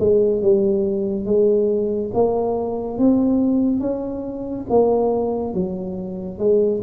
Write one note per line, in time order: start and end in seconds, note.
0.00 0.42 G#3
0.42 1.25 G3
1.25 2.11 G#3
2.14 2.98 A#3
2.98 3.80 C4
3.80 4.66 C#4
4.69 5.54 A#3
5.54 6.39 F#3
6.39 6.81 G#3